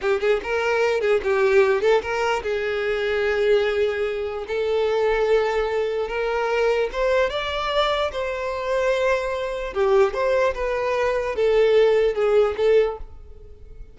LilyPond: \new Staff \with { instrumentName = "violin" } { \time 4/4 \tempo 4 = 148 g'8 gis'8 ais'4. gis'8 g'4~ | g'8 a'8 ais'4 gis'2~ | gis'2. a'4~ | a'2. ais'4~ |
ais'4 c''4 d''2 | c''1 | g'4 c''4 b'2 | a'2 gis'4 a'4 | }